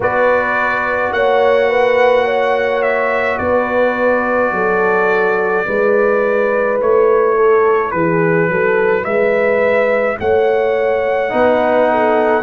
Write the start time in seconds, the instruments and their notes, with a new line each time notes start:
0.00 tuba B3, trombone F#4, horn B4, trumpet D5
1.11 tuba A#3, horn C#5, trumpet F#5
1.69 horn B4
2.25 horn C#5
2.82 trumpet E5
3.37 tuba B3, horn B4, trumpet D5
4.51 tuba F#3, horn A4
5.65 tuba G#3, trombone E4, horn B4
6.80 tuba A3, trumpet C#5
7.36 horn A4
7.91 tuba E3, horn G#4, trumpet B4
8.48 tuba F#3, horn A4
9.03 tuba G#3, horn B4, trumpet E5
10.20 tuba A3, horn C#5, trumpet F#5
11.29 tuba B3, trombone D#4, horn B4
11.90 horn A4